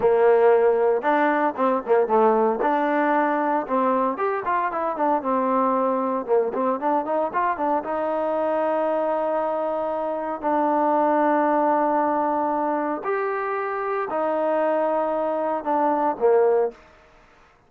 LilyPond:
\new Staff \with { instrumentName = "trombone" } { \time 4/4 \tempo 4 = 115 ais2 d'4 c'8 ais8 | a4 d'2 c'4 | g'8 f'8 e'8 d'8 c'2 | ais8 c'8 d'8 dis'8 f'8 d'8 dis'4~ |
dis'1 | d'1~ | d'4 g'2 dis'4~ | dis'2 d'4 ais4 | }